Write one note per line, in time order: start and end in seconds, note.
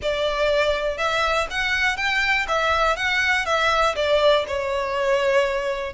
0.02 0.97 D5
0.97 1.47 E5
1.50 1.96 F#5
1.96 2.46 G5
2.48 2.96 E5
2.96 3.45 F#5
3.45 3.95 E5
3.95 4.45 D5
4.47 5.93 C#5